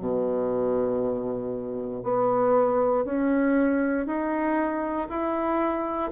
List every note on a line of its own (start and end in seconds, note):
0.00 2.03 B2
2.03 3.05 B3
3.06 4.07 C#4
4.07 5.08 D#4
5.10 6.12 E4